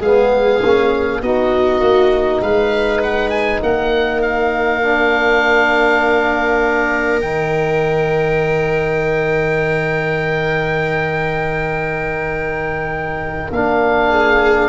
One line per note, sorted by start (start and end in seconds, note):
0.00 0.60 G#3
0.00 0.63 B3
0.00 1.20 G#4
0.00 1.22 F5
0.63 1.22 A#3
0.63 1.23 C#4
1.22 1.80 B3
1.22 4.83 D#4
1.22 2.43 F#4
1.22 2.42 D#5
1.80 2.41 A#3
2.41 3.61 G#3
2.41 3.62 B4
2.41 3.02 F5
3.02 3.30 F#5
3.30 3.60 G#5
3.63 7.21 A#3
3.63 14.10 A#4
3.63 4.22 F#5
4.22 7.21 F5
4.83 7.23 D4
7.21 13.51 D#3
7.21 13.53 D#4
7.21 13.51 G5
13.51 14.69 A#3
13.51 14.69 D4
13.51 14.69 F5
14.10 14.69 G#4